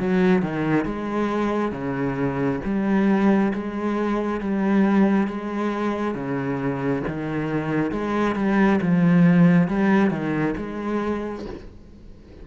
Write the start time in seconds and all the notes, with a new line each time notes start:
0.00 F#3
0.43 D#3
0.86 G#3
1.72 C#3
2.65 G3
3.54 G#3
4.41 G3
5.28 G#3
6.15 C#3
7.08 D#3
7.92 G#3
8.36 G3
8.82 F3
9.69 G3
10.11 D#3
10.58 G#3